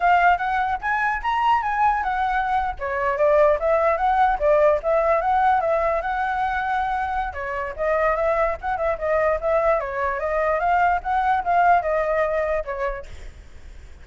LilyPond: \new Staff \with { instrumentName = "flute" } { \time 4/4 \tempo 4 = 147 f''4 fis''4 gis''4 ais''4 | gis''4 fis''4.~ fis''16 cis''4 d''16~ | d''8. e''4 fis''4 d''4 e''16~ | e''8. fis''4 e''4 fis''4~ fis''16~ |
fis''2 cis''4 dis''4 | e''4 fis''8 e''8 dis''4 e''4 | cis''4 dis''4 f''4 fis''4 | f''4 dis''2 cis''4 | }